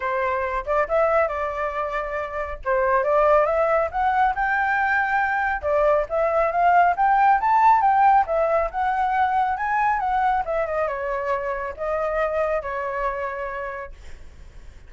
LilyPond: \new Staff \with { instrumentName = "flute" } { \time 4/4 \tempo 4 = 138 c''4. d''8 e''4 d''4~ | d''2 c''4 d''4 | e''4 fis''4 g''2~ | g''4 d''4 e''4 f''4 |
g''4 a''4 g''4 e''4 | fis''2 gis''4 fis''4 | e''8 dis''8 cis''2 dis''4~ | dis''4 cis''2. | }